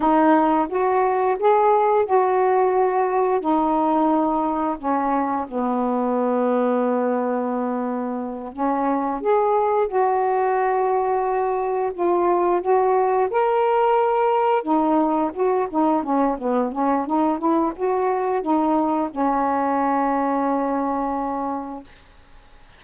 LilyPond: \new Staff \with { instrumentName = "saxophone" } { \time 4/4 \tempo 4 = 88 dis'4 fis'4 gis'4 fis'4~ | fis'4 dis'2 cis'4 | b1~ | b8 cis'4 gis'4 fis'4.~ |
fis'4. f'4 fis'4 ais'8~ | ais'4. dis'4 fis'8 dis'8 cis'8 | b8 cis'8 dis'8 e'8 fis'4 dis'4 | cis'1 | }